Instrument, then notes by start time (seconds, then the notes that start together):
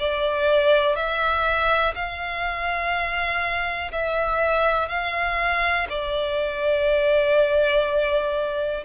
violin
0.00 D5
0.96 E5
1.95 F5
3.92 E5
4.89 F5
5.90 D5